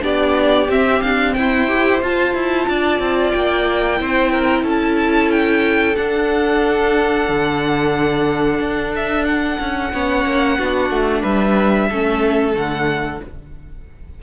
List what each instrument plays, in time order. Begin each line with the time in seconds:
0.00 cello B3, viola D4, violin G4 D5
0.69 cello C4, viola C4, violin E5
1.02 cello D4, violin F5
1.34 cello E4, violin C5 G5
1.68 viola G4
2.02 viola F4, cello F4, violin A5
2.34 cello E4
2.68 cello D4, violin D5
2.99 cello C4
3.31 cello A#3, violin G5
3.97 cello C4, viola E4, violin C5
4.32 violin A#4
4.63 cello C#4, violin A4 A5
5.31 violin G5
5.96 viola D4, cello D4, violin F#5
7.29 cello D3
8.59 cello D4
8.96 violin E5
9.25 violin F#5
9.60 cello C#4
9.93 cello B3, viola C#4, violin C#5
10.25 cello A#3
10.58 cello B3, viola D4, violin F#4
10.90 cello A3
11.22 cello G3, violin B4 E5
11.89 cello A3, viola C#4, violin A4
12.54 cello D3, viola A3, violin F#5